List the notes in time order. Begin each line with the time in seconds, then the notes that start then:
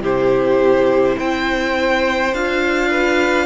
0.00 C3 E4 G4 C5
1.16 C4 C5 G5
2.33 D4 F4 F5
2.90 B4